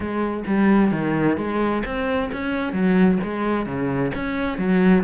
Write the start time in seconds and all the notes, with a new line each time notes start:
0.00 G#3
0.46 G3
0.91 D#3
1.37 G#3
1.85 C4
2.32 C#4
2.72 F#3
3.23 G#3
3.66 C#3
4.15 C#4
4.57 F#3